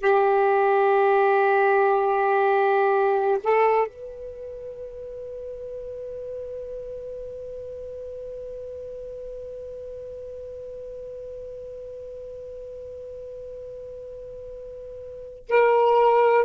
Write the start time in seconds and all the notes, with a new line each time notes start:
0.00 G4
3.44 A4
3.87 B4
15.48 A#4